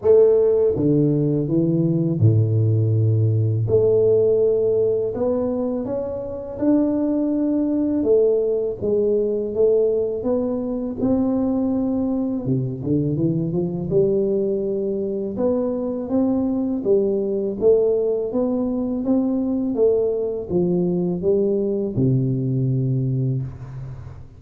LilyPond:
\new Staff \with { instrumentName = "tuba" } { \time 4/4 \tempo 4 = 82 a4 d4 e4 a,4~ | a,4 a2 b4 | cis'4 d'2 a4 | gis4 a4 b4 c'4~ |
c'4 c8 d8 e8 f8 g4~ | g4 b4 c'4 g4 | a4 b4 c'4 a4 | f4 g4 c2 | }